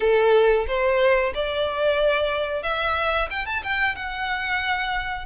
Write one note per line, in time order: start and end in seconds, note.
0.00 0.66 A4
0.67 1.33 C5
1.34 2.63 D5
2.63 3.28 E5
3.30 3.46 G5
3.46 3.62 A5
3.63 3.95 G5
3.95 5.25 F#5